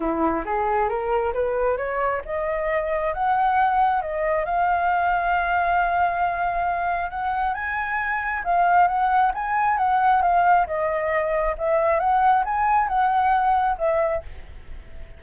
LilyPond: \new Staff \with { instrumentName = "flute" } { \time 4/4 \tempo 4 = 135 e'4 gis'4 ais'4 b'4 | cis''4 dis''2 fis''4~ | fis''4 dis''4 f''2~ | f''1 |
fis''4 gis''2 f''4 | fis''4 gis''4 fis''4 f''4 | dis''2 e''4 fis''4 | gis''4 fis''2 e''4 | }